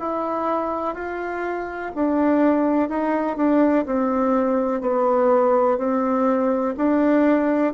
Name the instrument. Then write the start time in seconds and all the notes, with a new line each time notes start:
bassoon
0.00 E4
0.95 F4
1.96 D4
2.89 D#4
3.37 D4
3.86 C4
4.81 B3
5.78 C4
6.77 D4